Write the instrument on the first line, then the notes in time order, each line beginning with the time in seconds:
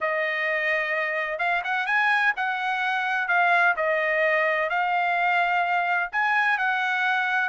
trumpet
0.00 D#5
1.38 F5
1.64 F#5
1.86 G#5
2.36 F#5
3.27 F5
3.76 D#5
4.69 F5
6.12 G#5
6.58 F#5